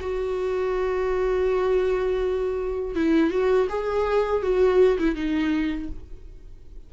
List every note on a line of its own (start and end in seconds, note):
0.00 2.95 F#4
2.95 3.30 E4
3.30 3.67 F#4
3.69 4.42 G#4
4.42 4.98 F#4
4.99 5.15 E4
5.15 5.89 D#4